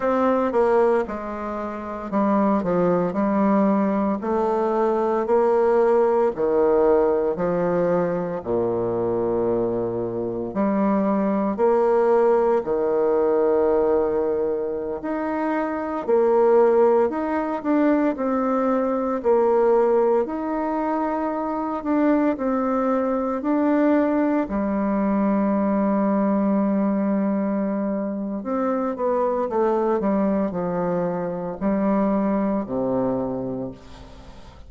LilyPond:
\new Staff \with { instrumentName = "bassoon" } { \time 4/4 \tempo 4 = 57 c'8 ais8 gis4 g8 f8 g4 | a4 ais4 dis4 f4 | ais,2 g4 ais4 | dis2~ dis16 dis'4 ais8.~ |
ais16 dis'8 d'8 c'4 ais4 dis'8.~ | dis'8. d'8 c'4 d'4 g8.~ | g2. c'8 b8 | a8 g8 f4 g4 c4 | }